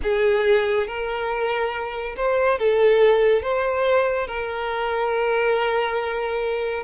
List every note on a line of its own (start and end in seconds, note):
0.02 0.86 G#4
0.86 2.15 A#4
2.16 2.58 C5
2.58 3.42 A4
3.42 4.27 C5
4.27 6.83 A#4